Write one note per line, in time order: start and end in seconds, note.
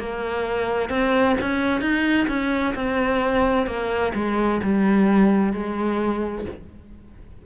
0.00 0.90 A#3
0.90 1.36 C4
1.41 1.82 C#4
1.82 2.28 D#4
2.28 2.74 C#4
2.75 3.67 C4
3.67 4.13 A#3
4.15 4.61 G#3
4.64 5.53 G3
5.53 6.46 G#3